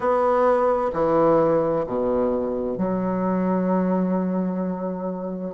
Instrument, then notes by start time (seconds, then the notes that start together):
bassoon
0.00 B3
0.93 E3
1.86 B2
2.77 F#3